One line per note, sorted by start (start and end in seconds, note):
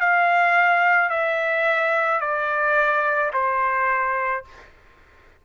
0.00 1.10 F5
1.10 2.21 E5
2.21 3.32 D5
3.33 4.44 C5